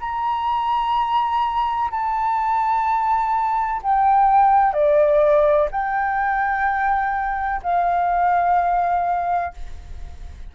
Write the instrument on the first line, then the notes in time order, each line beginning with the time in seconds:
flute
0.00 A#5
1.91 A5
3.83 G5
4.74 D5
5.71 G5
7.63 F5